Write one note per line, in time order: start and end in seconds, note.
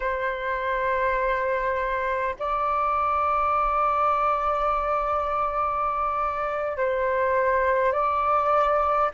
0.00 2.35 C5
2.39 6.76 D5
6.76 7.92 C5
7.92 9.10 D5